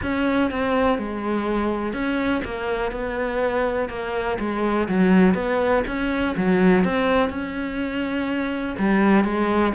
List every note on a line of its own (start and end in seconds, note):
0.02 0.50 C#4
0.50 0.98 C4
0.98 1.93 G#3
1.93 2.42 C#4
2.44 2.91 A#3
2.91 3.89 B3
3.89 4.37 A#3
4.39 4.88 G#3
4.88 5.34 F#3
5.34 5.83 B3
5.87 6.36 C#4
6.36 6.84 F#3
6.84 7.29 C4
7.29 8.76 C#4
8.78 9.24 G3
9.24 9.73 G#3